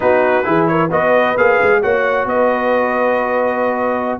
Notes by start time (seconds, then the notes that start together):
0.00 B3 D#4 F#4 B4
0.44 E3 E4 G#4
0.67 A#4 C#5
0.89 B3 F#4 B4 D#5
1.37 A#3 G#4 F5
1.62 G#3
1.82 A#3 F#4 C#5 F#5
2.25 B3 B4 D#5